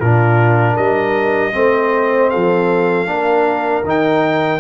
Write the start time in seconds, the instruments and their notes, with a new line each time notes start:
0.00 tuba A#2, trombone D4, horn F4, trumpet A#4
0.73 tuba G3, horn A#4, trumpet D#5
1.52 tuba A3, trombone C4, horn C5
2.30 tuba F3, horn A4, trumpet F5
3.06 tuba A#3, trombone D4, horn A#4
3.83 tuba D#3, trombone D#4, trumpet G5